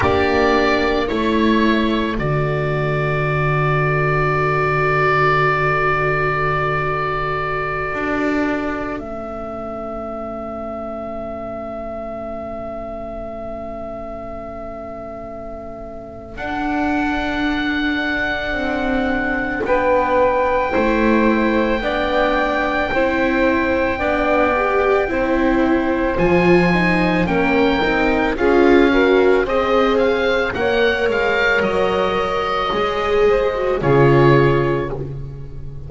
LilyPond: <<
  \new Staff \with { instrumentName = "oboe" } { \time 4/4 \tempo 4 = 55 d''4 cis''4 d''2~ | d''1~ | d''16 e''2.~ e''8.~ | e''2. fis''4~ |
fis''2 g''2~ | g''1 | gis''4 g''4 f''4 dis''8 f''8 | fis''8 f''8 dis''2 cis''4 | }
  \new Staff \with { instrumentName = "saxophone" } { \time 4/4 g'4 a'2.~ | a'1~ | a'1~ | a'1~ |
a'2 b'4 c''4 | d''4 c''4 d''4 c''4~ | c''4 ais'4 gis'8 ais'8 c''4 | cis''2~ cis''8 c''8 gis'4 | }
  \new Staff \with { instrumentName = "viola" } { \time 4/4 d'4 e'4 fis'2~ | fis'1~ | fis'16 cis'2.~ cis'8.~ | cis'2. d'4~ |
d'2. e'4 | d'4 e'4 d'8 g'8 e'4 | f'8 dis'8 cis'8 dis'8 f'8 fis'8 gis'4 | ais'2 gis'8. fis'16 f'4 | }
  \new Staff \with { instrumentName = "double bass" } { \time 4/4 ais4 a4 d2~ | d2.~ d16 d'8.~ | d'16 a2.~ a8.~ | a2. d'4~ |
d'4 c'4 b4 a4 | b4 c'4 b4 c'4 | f4 ais8 c'8 cis'4 c'4 | ais8 gis8 fis4 gis4 cis4 | }
>>